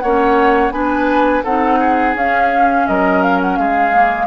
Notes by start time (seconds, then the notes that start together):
0.00 A#3 C#4 C#5 F#5
0.71 B3 D4 B4 G#5
1.44 C4 D#4 A4 F#5
1.80 G#4
2.15 C#4 F5
2.87 F#3 A#4 D#5
3.23 F5
3.41 F#5
3.56 G#3 G#4 F5
3.92 A#3